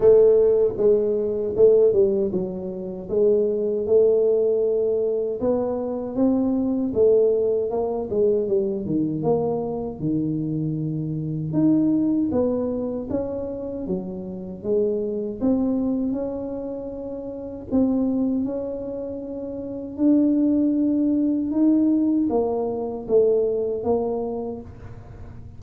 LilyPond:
\new Staff \with { instrumentName = "tuba" } { \time 4/4 \tempo 4 = 78 a4 gis4 a8 g8 fis4 | gis4 a2 b4 | c'4 a4 ais8 gis8 g8 dis8 | ais4 dis2 dis'4 |
b4 cis'4 fis4 gis4 | c'4 cis'2 c'4 | cis'2 d'2 | dis'4 ais4 a4 ais4 | }